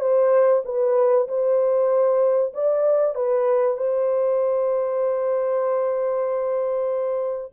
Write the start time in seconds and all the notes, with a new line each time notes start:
0.00 C5
0.65 B4
1.28 C5
2.54 D5
3.15 B4
3.77 C5